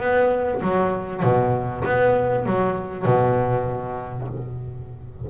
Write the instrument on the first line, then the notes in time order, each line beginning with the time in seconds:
double bass
0.00 B3
0.62 F#3
1.23 B2
1.85 B3
2.46 F#3
3.05 B2